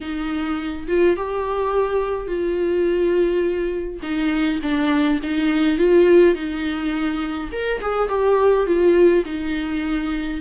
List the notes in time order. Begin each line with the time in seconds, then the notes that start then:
0.00 D#4
0.87 F4
1.16 G4
2.27 F4
4.02 D#4
4.62 D4
5.22 D#4
5.78 F4
6.34 D#4
7.52 A#4
7.81 G#4
8.08 G4
8.66 F4
9.25 D#4